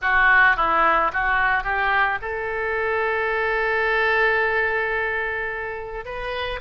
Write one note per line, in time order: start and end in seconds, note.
0.01 0.56 F#4
0.56 1.11 E4
1.12 1.63 F#4
1.63 2.18 G4
2.21 6.05 A4
6.05 6.60 B4